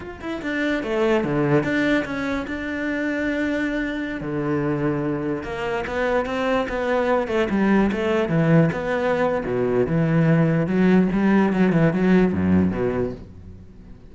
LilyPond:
\new Staff \with { instrumentName = "cello" } { \time 4/4 \tempo 4 = 146 f'8 e'8 d'4 a4 d4 | d'4 cis'4 d'2~ | d'2~ d'16 d4.~ d16~ | d4~ d16 ais4 b4 c'8.~ |
c'16 b4. a8 g4 a8.~ | a16 e4 b4.~ b16 b,4 | e2 fis4 g4 | fis8 e8 fis4 fis,4 b,4 | }